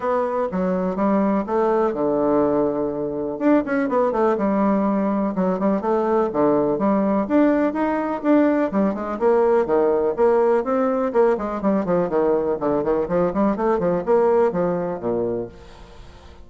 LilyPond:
\new Staff \with { instrumentName = "bassoon" } { \time 4/4 \tempo 4 = 124 b4 fis4 g4 a4 | d2. d'8 cis'8 | b8 a8 g2 fis8 g8 | a4 d4 g4 d'4 |
dis'4 d'4 g8 gis8 ais4 | dis4 ais4 c'4 ais8 gis8 | g8 f8 dis4 d8 dis8 f8 g8 | a8 f8 ais4 f4 ais,4 | }